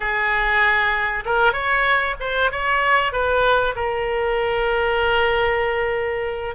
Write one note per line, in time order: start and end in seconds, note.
0.00 1.24 G#4
1.25 1.52 A#4
1.52 2.15 C#5
2.20 2.51 C5
2.51 3.12 C#5
3.12 3.74 B4
3.75 6.55 A#4